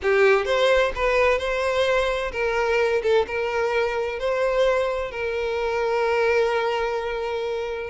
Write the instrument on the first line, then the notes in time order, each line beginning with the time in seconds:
violin
0.02 G4
0.45 C5
0.95 B4
1.38 C5
2.32 A#4
3.02 A4
3.27 A#4
4.19 C5
5.11 A#4